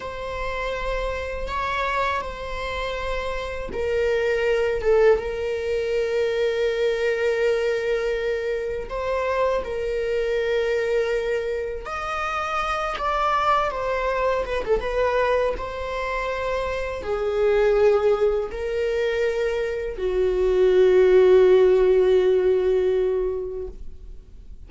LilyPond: \new Staff \with { instrumentName = "viola" } { \time 4/4 \tempo 4 = 81 c''2 cis''4 c''4~ | c''4 ais'4. a'8 ais'4~ | ais'1 | c''4 ais'2. |
dis''4. d''4 c''4 b'16 a'16 | b'4 c''2 gis'4~ | gis'4 ais'2 fis'4~ | fis'1 | }